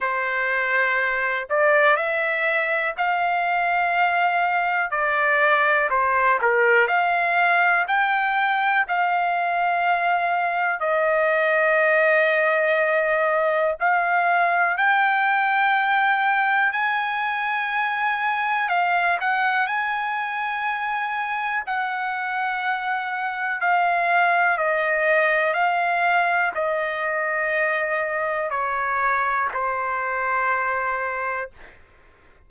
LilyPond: \new Staff \with { instrumentName = "trumpet" } { \time 4/4 \tempo 4 = 61 c''4. d''8 e''4 f''4~ | f''4 d''4 c''8 ais'8 f''4 | g''4 f''2 dis''4~ | dis''2 f''4 g''4~ |
g''4 gis''2 f''8 fis''8 | gis''2 fis''2 | f''4 dis''4 f''4 dis''4~ | dis''4 cis''4 c''2 | }